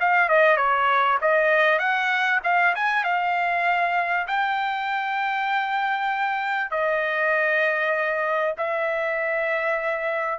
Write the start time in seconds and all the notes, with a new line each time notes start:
0.00 F5
0.29 D#5
0.57 C#5
1.21 D#5
1.79 F#5
2.44 F5
2.75 G#5
3.04 F5
4.27 G5
6.71 D#5
8.58 E5